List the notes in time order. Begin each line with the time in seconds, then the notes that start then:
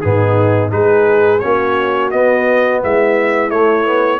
0.00 G#2 B3 D#4 G#4
0.69 G#3 D#4 G#4 B4
1.39 A#3 C#4 F#4 C#5
2.11 B3 D#5
2.83 G#3 E4 E5
3.50 A3 C#5
3.85 B3